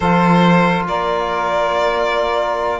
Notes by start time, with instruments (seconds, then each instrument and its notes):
0.00 cello F3, trombone F4, saxophone A4, violin C5
0.87 cello A#3, saxophone A#4, violin D5